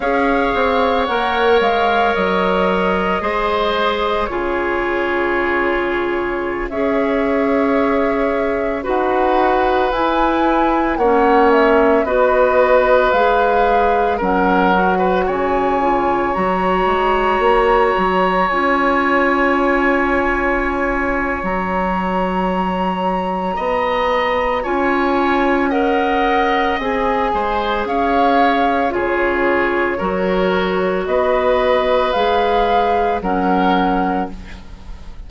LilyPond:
<<
  \new Staff \with { instrumentName = "flute" } { \time 4/4 \tempo 4 = 56 f''4 fis''8 f''8 dis''2 | cis''2~ cis''16 e''4.~ e''16~ | e''16 fis''4 gis''4 fis''8 e''8 dis''8.~ | dis''16 f''4 fis''4 gis''4 ais''8.~ |
ais''4~ ais''16 gis''2~ gis''8. | ais''2. gis''4 | fis''4 gis''4 f''4 cis''4~ | cis''4 dis''4 f''4 fis''4 | }
  \new Staff \with { instrumentName = "oboe" } { \time 4/4 cis''2. c''4 | gis'2~ gis'16 cis''4.~ cis''16~ | cis''16 b'2 cis''4 b'8.~ | b'4~ b'16 ais'8. b'16 cis''4.~ cis''16~ |
cis''1~ | cis''2 dis''4 cis''4 | dis''4. c''8 cis''4 gis'4 | ais'4 b'2 ais'4 | }
  \new Staff \with { instrumentName = "clarinet" } { \time 4/4 gis'4 ais'2 gis'4 | f'2~ f'16 gis'4.~ gis'16~ | gis'16 fis'4 e'4 cis'4 fis'8.~ | fis'16 gis'4 cis'8 fis'4 f'8 fis'8.~ |
fis'4~ fis'16 f'2~ f'8. | fis'2. f'4 | ais'4 gis'2 f'4 | fis'2 gis'4 cis'4 | }
  \new Staff \with { instrumentName = "bassoon" } { \time 4/4 cis'8 c'8 ais8 gis8 fis4 gis4 | cis2~ cis16 cis'4.~ cis'16~ | cis'16 dis'4 e'4 ais4 b8.~ | b16 gis4 fis4 cis4 fis8 gis16~ |
gis16 ais8 fis8 cis'2~ cis'8. | fis2 b4 cis'4~ | cis'4 c'8 gis8 cis'4 cis4 | fis4 b4 gis4 fis4 | }
>>